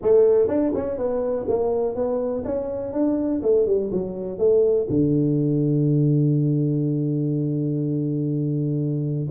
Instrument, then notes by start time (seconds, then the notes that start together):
tuba
0.02 A3
0.48 D4
0.74 C#4
0.97 B3
1.48 A#3
1.95 B3
2.45 C#4
2.92 D4
3.42 A3
3.66 G3
3.92 F#3
4.38 A3
4.89 D3